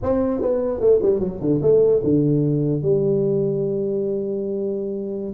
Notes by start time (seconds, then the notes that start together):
0.02 C4
0.41 B3
0.80 A3
1.02 G3
1.19 F#3
1.40 D3
1.62 A3
2.03 D3
2.82 G3